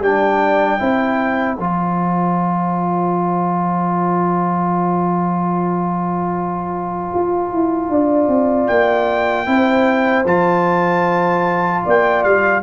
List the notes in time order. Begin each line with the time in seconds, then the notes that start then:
0.00 G3 D4 D5 G5
0.79 C4 E4 C5
1.58 F3 F4 A5
7.14 F4
7.52 E4
7.89 D4 D5
8.28 C4
8.67 A#3 G5
9.46 C4 E4 C5
10.25 F3 F4 A5
11.85 A#3 D5 G5
12.24 G3 F5